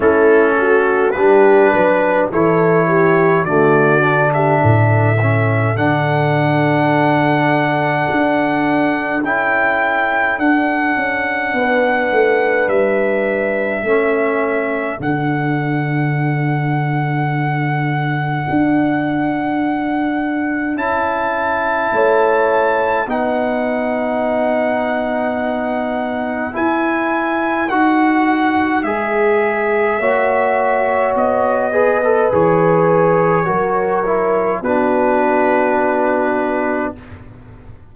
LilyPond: <<
  \new Staff \with { instrumentName = "trumpet" } { \time 4/4 \tempo 4 = 52 a'4 b'4 cis''4 d''8. e''16~ | e''4 fis''2. | g''4 fis''2 e''4~ | e''4 fis''2.~ |
fis''2 a''2 | fis''2. gis''4 | fis''4 e''2 dis''4 | cis''2 b'2 | }
  \new Staff \with { instrumentName = "horn" } { \time 4/4 e'8 fis'8 g'8 b'8 a'8 g'8 fis'8. g'16 | a'1~ | a'2 b'2 | a'1~ |
a'2. cis''4 | b'1~ | b'2 cis''4. b'8~ | b'4 ais'4 fis'2 | }
  \new Staff \with { instrumentName = "trombone" } { \time 4/4 cis'4 d'4 e'4 a8 d'8~ | d'8 cis'8 d'2. | e'4 d'2. | cis'4 d'2.~ |
d'2 e'2 | dis'2. e'4 | fis'4 gis'4 fis'4. gis'16 a'16 | gis'4 fis'8 e'8 d'2 | }
  \new Staff \with { instrumentName = "tuba" } { \time 4/4 a4 g8 fis8 e4 d4 | a,4 d2 d'4 | cis'4 d'8 cis'8 b8 a8 g4 | a4 d2. |
d'2 cis'4 a4 | b2. e'4 | dis'4 gis4 ais4 b4 | e4 fis4 b2 | }
>>